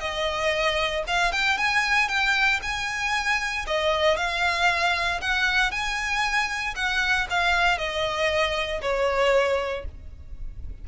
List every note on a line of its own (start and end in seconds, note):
0.00 1.03 D#5
1.07 1.32 F5
1.32 1.58 G5
1.58 2.08 G#5
2.08 2.60 G5
2.62 3.66 G#5
3.67 4.17 D#5
4.17 5.20 F5
5.21 5.71 F#5
5.71 6.75 G#5
6.75 7.27 F#5
7.30 7.78 F5
7.78 8.81 D#5
8.82 9.85 C#5